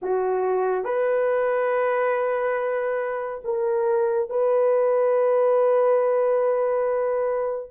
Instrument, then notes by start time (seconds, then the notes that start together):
horn
0.02 F#4
0.84 B4
3.44 A#4
4.29 B4